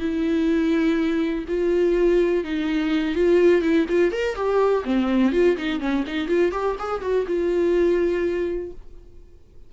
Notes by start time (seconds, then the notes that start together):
0.00 E4
1.48 F4
2.44 D#4
3.15 F4
3.62 E4
3.90 F4
4.12 A#4
4.36 G4
4.85 C4
5.32 F4
5.57 D#4
5.80 C#4
6.07 D#4
6.28 F4
6.52 G4
6.79 G#4
7.02 F#4
7.27 F4